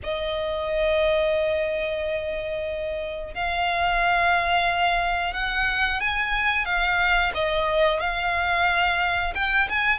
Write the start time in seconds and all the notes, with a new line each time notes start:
0.03 D#5
3.34 F5
5.33 F#5
6.00 G#5
6.65 F5
7.34 D#5
8.00 F5
9.35 G5
9.69 G#5